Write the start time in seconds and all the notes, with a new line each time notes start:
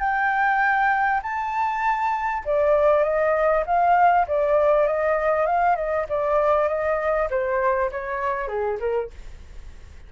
0.00 G5
1.23 A5
2.45 D5
3.03 D#5
3.66 F5
4.27 D5
4.87 D#5
5.46 F5
5.76 D#5
6.09 D5
6.68 D#5
7.30 C5
7.91 C#5
8.48 G#4
8.80 A#4